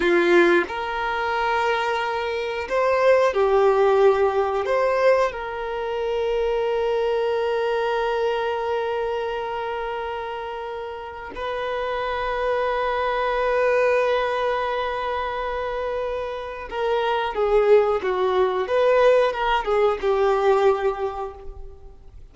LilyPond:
\new Staff \with { instrumentName = "violin" } { \time 4/4 \tempo 4 = 90 f'4 ais'2. | c''4 g'2 c''4 | ais'1~ | ais'1~ |
ais'4 b'2.~ | b'1~ | b'4 ais'4 gis'4 fis'4 | b'4 ais'8 gis'8 g'2 | }